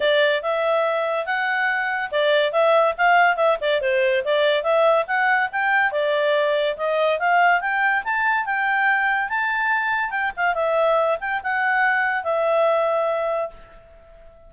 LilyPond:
\new Staff \with { instrumentName = "clarinet" } { \time 4/4 \tempo 4 = 142 d''4 e''2 fis''4~ | fis''4 d''4 e''4 f''4 | e''8 d''8 c''4 d''4 e''4 | fis''4 g''4 d''2 |
dis''4 f''4 g''4 a''4 | g''2 a''2 | g''8 f''8 e''4. g''8 fis''4~ | fis''4 e''2. | }